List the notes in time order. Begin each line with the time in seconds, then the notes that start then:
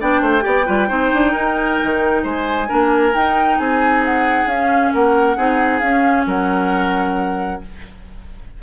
0.00 B3 D4 D5 G5
0.22 A3 C5
0.41 B3 G4 D5
0.66 G3 F4 B4
0.88 C4 D#4 C5
1.13 D4
1.32 D#4 A#4
1.84 D#3
2.23 G#3 C5 G#5
2.68 A#3 D4 A#4
3.14 D#4 G5
3.59 C4 G#4 G#5
4.05 F#5
4.46 C#4 F5
4.94 A#3 A#4 F#5
5.37 C4 D#4 G#4
5.79 C#4 F5
6.26 F#3 A#4 F#5